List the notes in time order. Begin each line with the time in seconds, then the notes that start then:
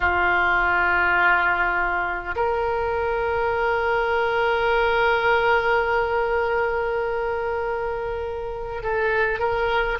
0.00 F4
2.35 A#4
8.82 A4
9.39 A#4